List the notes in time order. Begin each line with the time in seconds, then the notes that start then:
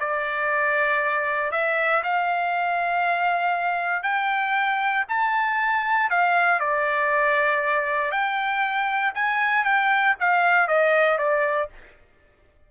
0.00 D5
1.52 E5
2.04 F5
4.03 G5
5.09 A5
6.11 F5
6.60 D5
8.12 G5
9.15 G#5
9.64 G5
10.20 F5
10.68 D#5
11.18 D5